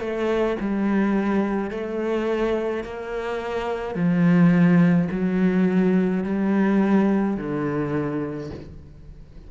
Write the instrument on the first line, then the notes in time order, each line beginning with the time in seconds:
cello
0.00 A3
0.60 G3
1.71 A3
2.84 A#3
3.95 F3
5.11 F#3
6.24 G3
7.37 D3